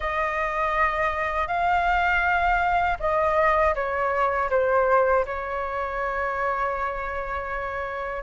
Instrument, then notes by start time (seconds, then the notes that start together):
flute
0.00 D#5
1.47 F5
2.99 D#5
3.74 C#5
4.50 C5
5.25 C#5